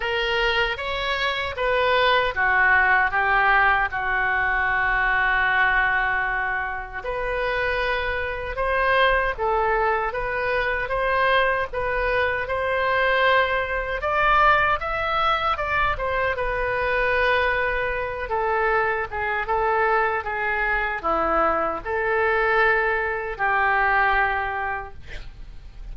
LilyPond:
\new Staff \with { instrumentName = "oboe" } { \time 4/4 \tempo 4 = 77 ais'4 cis''4 b'4 fis'4 | g'4 fis'2.~ | fis'4 b'2 c''4 | a'4 b'4 c''4 b'4 |
c''2 d''4 e''4 | d''8 c''8 b'2~ b'8 a'8~ | a'8 gis'8 a'4 gis'4 e'4 | a'2 g'2 | }